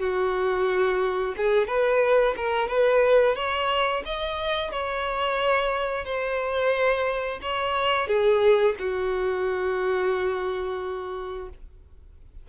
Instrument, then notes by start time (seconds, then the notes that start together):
violin
0.00 F#4
1.37 G#4
1.67 B4
2.37 A#4
2.68 B4
3.36 C#5
4.05 D#5
4.72 C#5
6.05 C5
7.42 C#5
8.07 G#4
8.79 F#4